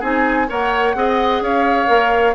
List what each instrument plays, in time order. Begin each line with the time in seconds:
0.00 bassoon C4, clarinet D#4, oboe G#4, flute G#5
0.47 bassoon A#3, clarinet A#4, oboe C#5, flute F#5
0.95 bassoon C4, clarinet G#4, oboe D#5
1.41 bassoon C#4, oboe C#5, flute F5
1.87 bassoon A#3, clarinet A#4